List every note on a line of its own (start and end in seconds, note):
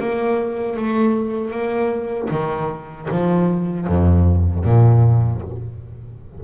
0.00 0.77 A#3
0.77 1.52 A3
1.52 2.30 A#3
2.31 3.09 D#3
3.11 3.87 F3
3.87 4.64 F2
4.64 5.42 A#2